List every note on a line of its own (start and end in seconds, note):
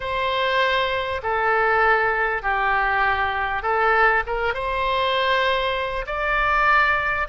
0.00 1.21 C5
1.23 2.42 A4
2.42 3.62 G4
3.62 4.23 A4
4.26 4.53 A#4
4.53 6.05 C5
6.06 7.27 D5